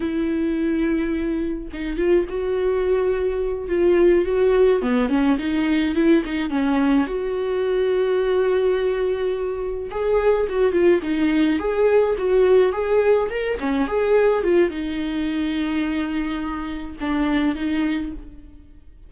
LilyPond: \new Staff \with { instrumentName = "viola" } { \time 4/4 \tempo 4 = 106 e'2. dis'8 f'8 | fis'2~ fis'8 f'4 fis'8~ | fis'8 b8 cis'8 dis'4 e'8 dis'8 cis'8~ | cis'8 fis'2.~ fis'8~ |
fis'4. gis'4 fis'8 f'8 dis'8~ | dis'8 gis'4 fis'4 gis'4 ais'8 | cis'8 gis'4 f'8 dis'2~ | dis'2 d'4 dis'4 | }